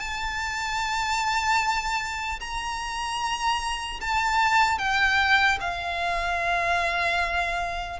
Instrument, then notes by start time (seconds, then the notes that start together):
violin
0.00 A5
2.40 A#5
4.01 A5
4.79 G5
5.61 F5